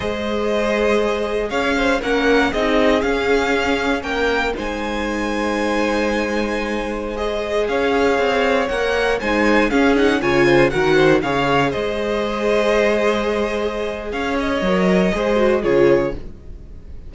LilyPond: <<
  \new Staff \with { instrumentName = "violin" } { \time 4/4 \tempo 4 = 119 dis''2. f''4 | fis''4 dis''4 f''2 | g''4 gis''2.~ | gis''2~ gis''16 dis''4 f''8.~ |
f''4~ f''16 fis''4 gis''4 f''8 fis''16~ | fis''16 gis''4 fis''4 f''4 dis''8.~ | dis''1 | f''8 dis''2~ dis''8 cis''4 | }
  \new Staff \with { instrumentName = "violin" } { \time 4/4 c''2. cis''8 c''8 | ais'4 gis'2. | ais'4 c''2.~ | c''2.~ c''16 cis''8.~ |
cis''2~ cis''16 c''4 gis'8.~ | gis'16 cis''8 c''8 ais'8 c''8 cis''4 c''8.~ | c''1 | cis''2 c''4 gis'4 | }
  \new Staff \with { instrumentName = "viola" } { \time 4/4 gis'1 | cis'4 dis'4 cis'2~ | cis'4 dis'2.~ | dis'2~ dis'16 gis'4.~ gis'16~ |
gis'4~ gis'16 ais'4 dis'4 cis'8 dis'16~ | dis'16 f'4 fis'4 gis'4.~ gis'16~ | gis'1~ | gis'4 ais'4 gis'8 fis'8 f'4 | }
  \new Staff \with { instrumentName = "cello" } { \time 4/4 gis2. cis'4 | ais4 c'4 cis'2 | ais4 gis2.~ | gis2.~ gis16 cis'8.~ |
cis'16 c'4 ais4 gis4 cis'8.~ | cis'16 cis4 dis4 cis4 gis8.~ | gis1 | cis'4 fis4 gis4 cis4 | }
>>